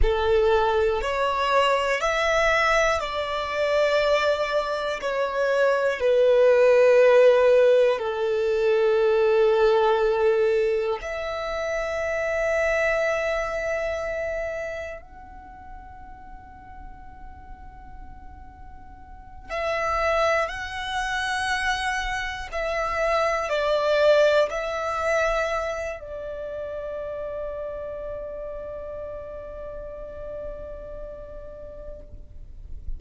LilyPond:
\new Staff \with { instrumentName = "violin" } { \time 4/4 \tempo 4 = 60 a'4 cis''4 e''4 d''4~ | d''4 cis''4 b'2 | a'2. e''4~ | e''2. fis''4~ |
fis''2.~ fis''8 e''8~ | e''8 fis''2 e''4 d''8~ | d''8 e''4. d''2~ | d''1 | }